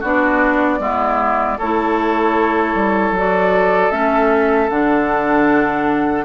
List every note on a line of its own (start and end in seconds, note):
0.00 0.79 B3
0.00 0.80 D4
0.00 0.78 F#4
0.00 1.59 D5
0.79 1.57 G#3
0.79 1.58 B3
0.79 1.58 E4
1.58 2.75 A3
1.58 3.17 E4
1.58 6.25 A4
1.58 3.14 C#5
2.75 3.11 G3
3.11 3.89 F#3
3.11 3.91 F#4
3.18 3.91 D5
3.91 4.69 A3
3.91 4.69 C#4
3.91 4.69 E5
4.69 6.25 D3
4.69 6.25 D4
4.69 6.25 F#5